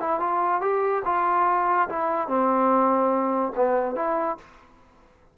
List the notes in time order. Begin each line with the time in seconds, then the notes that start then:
0.00 E4
0.20 F4
0.61 G4
1.05 F4
1.89 E4
2.28 C4
3.56 B3
3.96 E4